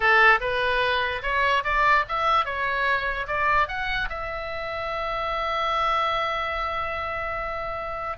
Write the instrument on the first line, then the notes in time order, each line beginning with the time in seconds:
oboe
0.00 A4
0.40 B4
1.22 C#5
1.63 D5
2.08 E5
2.45 C#5
3.27 D5
3.68 F#5
4.09 E5